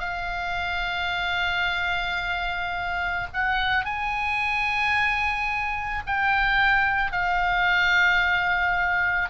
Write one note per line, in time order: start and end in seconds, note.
0.00 3.27 F5
3.33 3.85 F#5
3.85 6.03 G#5
6.06 7.12 G5
7.12 9.30 F5